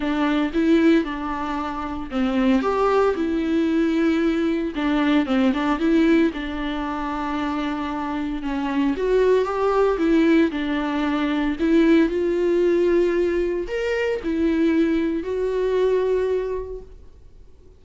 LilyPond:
\new Staff \with { instrumentName = "viola" } { \time 4/4 \tempo 4 = 114 d'4 e'4 d'2 | c'4 g'4 e'2~ | e'4 d'4 c'8 d'8 e'4 | d'1 |
cis'4 fis'4 g'4 e'4 | d'2 e'4 f'4~ | f'2 ais'4 e'4~ | e'4 fis'2. | }